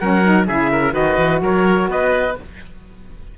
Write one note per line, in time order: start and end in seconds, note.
0.00 0.48 F#3
0.00 0.24 C#4
0.00 0.47 A#4
0.00 0.47 F#5
0.25 0.48 D#4
0.47 0.94 C#3
0.47 0.92 E4
0.47 0.71 G#4
0.47 0.95 E5
0.72 0.94 A#4
0.92 1.17 D#3
0.92 2.34 F#4
0.92 1.41 B4
0.92 1.42 D#5
1.18 1.41 E3
1.41 1.88 F#3
1.41 1.90 A#4
1.41 1.91 C#5
1.88 2.35 B3
1.88 2.38 B4
1.88 2.38 D#5